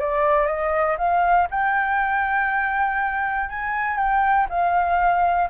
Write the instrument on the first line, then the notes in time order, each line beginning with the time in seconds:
flute
0.00 D5
0.47 D#5
0.98 F5
1.51 G5
3.50 G#5
3.97 G5
4.50 F5